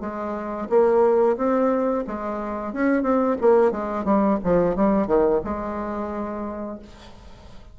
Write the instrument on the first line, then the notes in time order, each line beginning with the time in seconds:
bassoon
0.00 G#3
0.69 A#3
1.36 C4
2.07 G#3
2.72 C#4
3.02 C4
3.40 A#3
3.71 G#3
4.04 G3
4.43 F3
4.76 G3
5.07 D#3
5.44 G#3